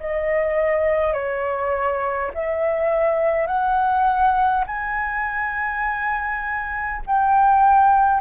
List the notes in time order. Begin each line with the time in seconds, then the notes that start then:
0.00 D#5
1.13 C#5
2.34 E5
3.47 F#5
4.67 G#5
7.07 G5